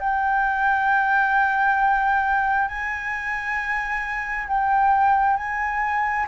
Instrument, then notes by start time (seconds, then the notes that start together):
flute
0.00 G5
2.68 G#5
4.48 G5
5.37 G#5